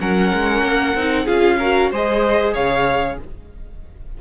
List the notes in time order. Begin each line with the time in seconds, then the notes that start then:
0.00 F#3 C#4 A#4 F#5
0.33 G#3
0.62 A#3
0.95 C4 D#4
1.24 C#4 F4 G#4 F5
1.59 F#4 A#4
1.91 G#3 G#4 C5 D#5
2.54 C#3 C#5 F5